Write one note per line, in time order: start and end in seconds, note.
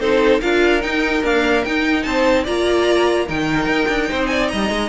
0.00 0.41 C4
0.00 0.41 D#4
0.00 0.41 A4
0.00 0.41 C5
0.41 0.84 D4
0.41 0.80 F4
0.41 2.05 A#4
0.41 0.82 F5
0.80 1.21 D#4
0.80 1.23 D#4
0.80 1.23 G5
1.23 1.66 A#3
1.23 1.64 D4
1.23 1.65 F5
1.65 2.06 D#4
1.65 2.46 D#4
1.65 2.03 G5
2.03 2.47 C4
2.03 2.44 C5
2.03 2.44 A5
2.44 3.29 A#3
2.44 3.27 F4
2.44 3.26 D5
2.44 3.29 A#5
3.28 3.67 D#3
3.28 4.89 D#4
3.28 4.09 A#4
3.28 4.27 G5
3.67 3.87 D#4
3.89 4.09 D4
4.09 4.53 C4
4.09 4.30 C5
4.27 4.51 D5
4.27 4.47 G#5
4.48 4.70 G3
4.48 4.89 D#5
4.48 4.89 A#5
4.70 4.89 G#3